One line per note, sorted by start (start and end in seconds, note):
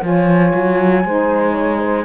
0.00 0.53 F3
0.00 1.02 F4
0.00 1.06 C#5
0.00 2.04 G#5
0.54 1.04 F#3
1.04 2.04 G#3
1.04 2.04 D#4
1.04 1.53 C5
1.53 1.78 C#5
1.79 2.04 C5